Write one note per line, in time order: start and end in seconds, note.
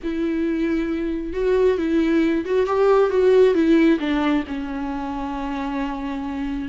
0.03 1.33 E4
1.33 1.77 F#4
1.78 2.44 E4
2.45 2.66 F#4
2.66 3.09 G4
3.09 3.54 F#4
3.54 3.99 E4
3.99 4.44 D4
4.47 6.68 C#4